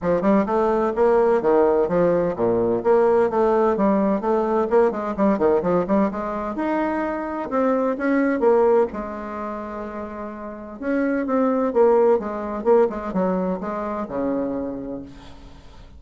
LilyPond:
\new Staff \with { instrumentName = "bassoon" } { \time 4/4 \tempo 4 = 128 f8 g8 a4 ais4 dis4 | f4 ais,4 ais4 a4 | g4 a4 ais8 gis8 g8 dis8 | f8 g8 gis4 dis'2 |
c'4 cis'4 ais4 gis4~ | gis2. cis'4 | c'4 ais4 gis4 ais8 gis8 | fis4 gis4 cis2 | }